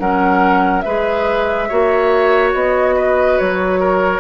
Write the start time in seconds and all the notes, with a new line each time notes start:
0.00 F#3 C#4 A#4 F#5
0.82 G#3 G#4 B4 E5
1.69 A#3 F#4 C#5
2.54 B3 D#5
2.96 B4
3.39 F#3 C#5
3.80 A#4